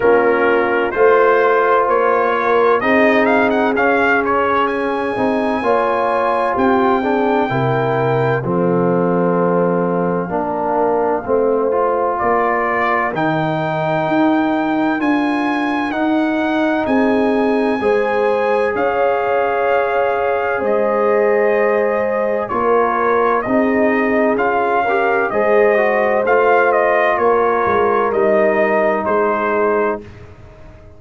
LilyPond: <<
  \new Staff \with { instrumentName = "trumpet" } { \time 4/4 \tempo 4 = 64 ais'4 c''4 cis''4 dis''8 f''16 fis''16 | f''8 cis''8 gis''2 g''4~ | g''4 f''2.~ | f''4 d''4 g''2 |
gis''4 fis''4 gis''2 | f''2 dis''2 | cis''4 dis''4 f''4 dis''4 | f''8 dis''8 cis''4 dis''4 c''4 | }
  \new Staff \with { instrumentName = "horn" } { \time 4/4 f'4 c''4. ais'8 gis'4~ | gis'2 cis''4 g'8 gis'8 | ais'4 a'2 ais'4 | c''4 ais'2.~ |
ais'2 gis'4 c''4 | cis''2 c''2 | ais'4 gis'4. ais'8 c''4~ | c''4 ais'2 gis'4 | }
  \new Staff \with { instrumentName = "trombone" } { \time 4/4 cis'4 f'2 dis'4 | cis'4. dis'8 f'4. d'8 | e'4 c'2 d'4 | c'8 f'4. dis'2 |
f'4 dis'2 gis'4~ | gis'1 | f'4 dis'4 f'8 g'8 gis'8 fis'8 | f'2 dis'2 | }
  \new Staff \with { instrumentName = "tuba" } { \time 4/4 ais4 a4 ais4 c'4 | cis'4. c'8 ais4 c'4 | c4 f2 ais4 | a4 ais4 dis4 dis'4 |
d'4 dis'4 c'4 gis4 | cis'2 gis2 | ais4 c'4 cis'4 gis4 | a4 ais8 gis8 g4 gis4 | }
>>